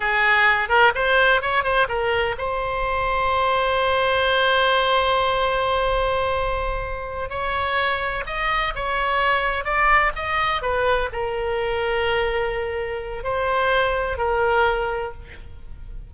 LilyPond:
\new Staff \with { instrumentName = "oboe" } { \time 4/4 \tempo 4 = 127 gis'4. ais'8 c''4 cis''8 c''8 | ais'4 c''2.~ | c''1~ | c''2.~ c''8 cis''8~ |
cis''4. dis''4 cis''4.~ | cis''8 d''4 dis''4 b'4 ais'8~ | ais'1 | c''2 ais'2 | }